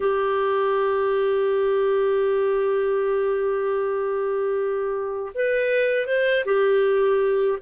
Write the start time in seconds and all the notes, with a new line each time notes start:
0.00 G4
5.34 B4
6.06 C5
6.45 G4